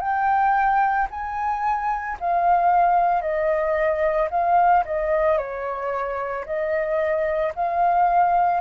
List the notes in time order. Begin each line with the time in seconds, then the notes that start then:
0.00 G5
1.10 G#5
2.20 F5
3.21 D#5
4.30 F5
4.85 D#5
5.37 C#5
6.45 D#5
7.54 F5